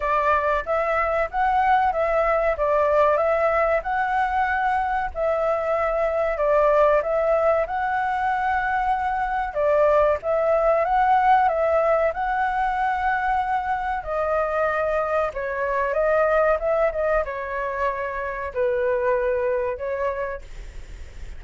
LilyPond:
\new Staff \with { instrumentName = "flute" } { \time 4/4 \tempo 4 = 94 d''4 e''4 fis''4 e''4 | d''4 e''4 fis''2 | e''2 d''4 e''4 | fis''2. d''4 |
e''4 fis''4 e''4 fis''4~ | fis''2 dis''2 | cis''4 dis''4 e''8 dis''8 cis''4~ | cis''4 b'2 cis''4 | }